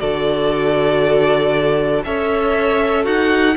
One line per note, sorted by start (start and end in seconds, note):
0.00 2.05 D3
0.00 2.04 F#4
0.00 2.05 A4
0.00 2.03 D5
2.04 3.06 C#4
2.04 3.57 A4
2.04 3.04 C#5
2.04 3.06 E5
3.04 3.57 D#4
3.04 3.55 F#4
3.04 3.57 F#5